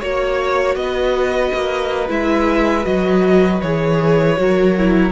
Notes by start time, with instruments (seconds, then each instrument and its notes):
0.00 cello A#3, viola F#4, violin C#5
0.75 cello B3, violin D#5
0.82 violin B4
1.54 cello A#3
2.09 cello G#3, viola E4, violin E5
2.83 cello F#3, viola F#4, violin D#5
3.61 cello E3, viola G#4, violin C#5
4.37 cello F#3, viola F#4, violin A#4
4.78 viola E4